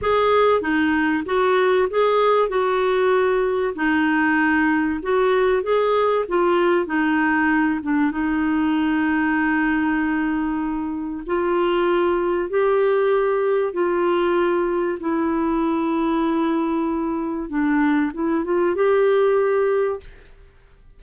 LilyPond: \new Staff \with { instrumentName = "clarinet" } { \time 4/4 \tempo 4 = 96 gis'4 dis'4 fis'4 gis'4 | fis'2 dis'2 | fis'4 gis'4 f'4 dis'4~ | dis'8 d'8 dis'2.~ |
dis'2 f'2 | g'2 f'2 | e'1 | d'4 e'8 f'8 g'2 | }